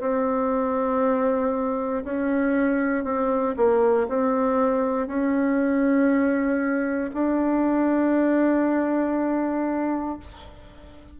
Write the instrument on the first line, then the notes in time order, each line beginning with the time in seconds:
bassoon
0.00 C4
2.04 C#4
3.04 C4
3.56 A#3
4.08 C4
5.07 C#4
7.13 D4